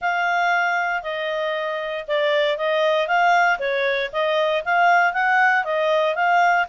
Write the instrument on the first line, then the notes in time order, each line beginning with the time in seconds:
clarinet
0.01 F5
1.03 D#5
2.07 D5
2.57 D#5
3.07 F5
3.59 C#5
4.12 D#5
4.64 F5
5.13 F#5
5.64 D#5
6.15 F5